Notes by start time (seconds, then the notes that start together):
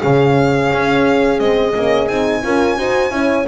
0.00 C#3 C#4 G#4 F5
0.72 C#4
1.39 G#3 C4 D#5
1.75 A#3 C#4
2.08 C4 D#4 G#5
2.43 C#4 F4 A#4
2.77 D#4 F#4 C5
3.11 C#4 E4 C#5